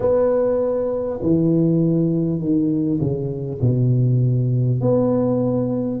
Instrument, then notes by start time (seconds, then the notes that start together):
tuba
0.00 B3
1.22 E3
2.39 D#3
3.00 C#3
3.61 B2
4.80 B3